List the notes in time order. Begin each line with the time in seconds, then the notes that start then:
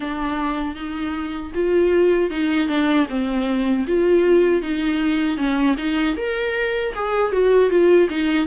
0.00 D4
0.75 D#4
1.54 F4
2.30 D#4
2.68 D4
3.09 C4
3.87 F4
4.62 D#4
5.37 C#4
5.77 D#4
6.16 A#4
6.94 G#4
7.31 F#4
7.70 F4
8.09 D#4